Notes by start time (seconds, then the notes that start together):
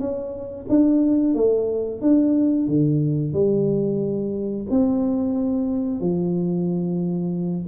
0.00 C#4
0.69 D4
1.35 A3
2.02 D4
2.68 D3
3.34 G3
4.71 C4
6.01 F3